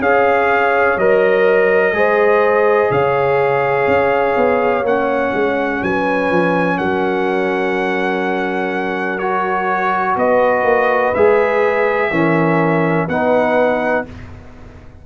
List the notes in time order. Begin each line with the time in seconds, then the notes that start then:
0.00 C#4 G#4 C#5 F5
0.98 F#3 A#4 D#5
1.93 G#3 G#4 C5
2.91 C#3 C#5 F5
3.87 C#4
4.37 B3
4.84 A#3 C#4 F#5
5.34 G#3
5.83 F#3 B4 G#5
6.31 F3
6.78 F#3 A#4 F#5
9.19 F#4 C#5
10.17 B3 B4 D#5
10.64 A#3
11.15 G#3 G#4 E5
12.11 E3 C#4 A#4
13.08 B3 D#4 B4 F#5